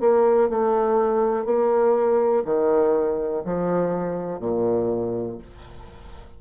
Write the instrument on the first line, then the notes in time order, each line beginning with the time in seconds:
bassoon
0.00 A#3
0.49 A3
1.45 A#3
2.45 D#3
3.45 F3
4.39 A#2